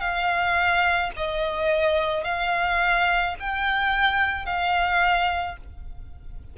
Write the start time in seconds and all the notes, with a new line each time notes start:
0.00 F5
1.17 D#5
2.24 F5
3.40 G5
4.46 F5